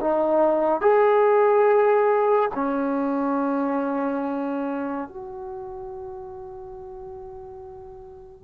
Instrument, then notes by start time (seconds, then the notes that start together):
trombone
0.00 D#4
0.81 G#4
2.54 C#4
5.08 F#4